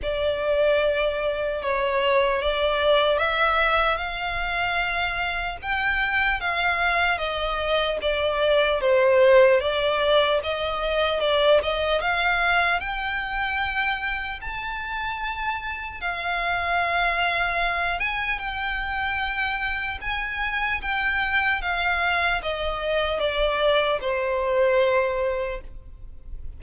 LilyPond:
\new Staff \with { instrumentName = "violin" } { \time 4/4 \tempo 4 = 75 d''2 cis''4 d''4 | e''4 f''2 g''4 | f''4 dis''4 d''4 c''4 | d''4 dis''4 d''8 dis''8 f''4 |
g''2 a''2 | f''2~ f''8 gis''8 g''4~ | g''4 gis''4 g''4 f''4 | dis''4 d''4 c''2 | }